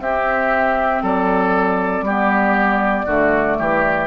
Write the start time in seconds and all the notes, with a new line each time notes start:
0.00 C4 G4 E5
1.03 F#3 A4 D5
2.02 G3 B3 G4
3.06 D3 A3 F#4
3.59 E3 G4